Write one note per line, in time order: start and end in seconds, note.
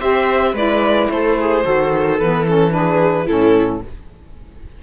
0.00 0.54 C4
0.00 0.55 G4
0.00 0.53 C5
0.00 0.55 E5
0.53 1.08 G#3
0.53 1.64 E4
0.53 1.07 B4
0.53 1.10 D5
1.10 1.64 A3
1.10 1.40 A4
1.10 2.19 C5
1.40 1.65 G#4
1.64 2.20 D#3
1.64 2.18 F#4
1.64 2.74 A4
2.19 3.28 E3
2.19 2.46 B3
2.19 2.46 B4
2.47 2.70 C#4
2.47 2.73 A4
2.70 3.25 D4
2.70 3.27 B4
2.76 3.26 G#4
3.26 3.82 A2
3.26 3.82 C#4
3.26 3.80 E4
3.26 3.82 A4